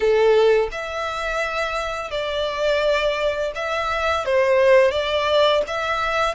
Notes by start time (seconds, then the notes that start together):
0.00 A4
0.71 E5
2.10 D5
3.55 E5
4.25 C5
4.91 D5
5.67 E5